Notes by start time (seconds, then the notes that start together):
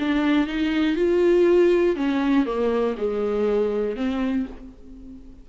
0.00 D4
0.47 D#4
0.96 F4
1.96 C#4
2.46 A#3
2.98 G#3
3.96 C4